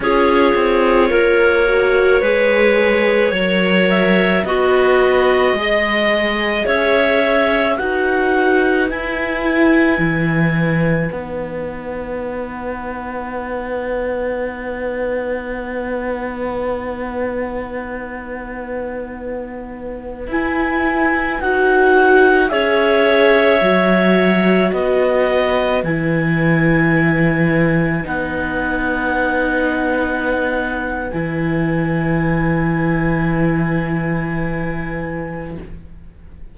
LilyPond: <<
  \new Staff \with { instrumentName = "clarinet" } { \time 4/4 \tempo 4 = 54 cis''2.~ cis''8 e''8 | dis''2 e''4 fis''4 | gis''2 fis''2~ | fis''1~ |
fis''2~ fis''16 gis''4 fis''8.~ | fis''16 e''2 dis''4 gis''8.~ | gis''4~ gis''16 fis''2~ fis''8. | gis''1 | }
  \new Staff \with { instrumentName = "clarinet" } { \time 4/4 gis'4 ais'4 b'4 cis''4 | fis'4 dis''4 cis''4 b'4~ | b'1~ | b'1~ |
b'1~ | b'16 cis''2 b'4.~ b'16~ | b'1~ | b'1 | }
  \new Staff \with { instrumentName = "viola" } { \time 4/4 f'4. fis'8 gis'4 ais'4 | b'4 gis'2 fis'4 | e'2 dis'2~ | dis'1~ |
dis'2~ dis'16 e'4 fis'8.~ | fis'16 gis'4 fis'2 e'8.~ | e'4~ e'16 dis'2~ dis'8. | e'1 | }
  \new Staff \with { instrumentName = "cello" } { \time 4/4 cis'8 c'8 ais4 gis4 fis4 | b4 gis4 cis'4 dis'4 | e'4 e4 b2~ | b1~ |
b2~ b16 e'4 dis'8.~ | dis'16 cis'4 fis4 b4 e8.~ | e4~ e16 b2~ b8. | e1 | }
>>